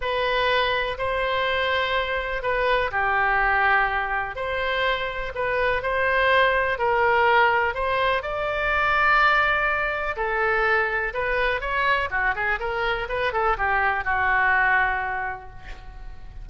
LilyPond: \new Staff \with { instrumentName = "oboe" } { \time 4/4 \tempo 4 = 124 b'2 c''2~ | c''4 b'4 g'2~ | g'4 c''2 b'4 | c''2 ais'2 |
c''4 d''2.~ | d''4 a'2 b'4 | cis''4 fis'8 gis'8 ais'4 b'8 a'8 | g'4 fis'2. | }